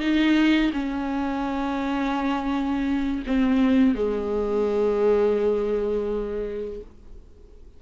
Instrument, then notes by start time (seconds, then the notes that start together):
viola
0.00 D#4
0.73 C#4
3.27 C4
3.95 G#3